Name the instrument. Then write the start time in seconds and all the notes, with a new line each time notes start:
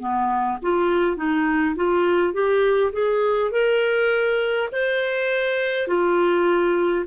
clarinet
0.00 B3
0.62 F4
1.17 D#4
1.76 F4
2.34 G4
2.93 G#4
3.52 A#4
4.72 C5
5.88 F4